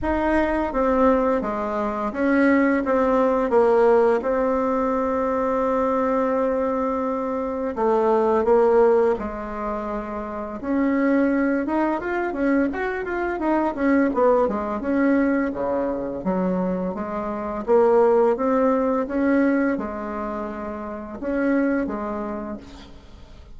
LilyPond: \new Staff \with { instrumentName = "bassoon" } { \time 4/4 \tempo 4 = 85 dis'4 c'4 gis4 cis'4 | c'4 ais4 c'2~ | c'2. a4 | ais4 gis2 cis'4~ |
cis'8 dis'8 f'8 cis'8 fis'8 f'8 dis'8 cis'8 | b8 gis8 cis'4 cis4 fis4 | gis4 ais4 c'4 cis'4 | gis2 cis'4 gis4 | }